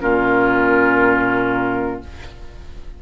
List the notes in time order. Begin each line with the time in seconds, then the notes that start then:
0.00 A#2 C#4 F4 A#4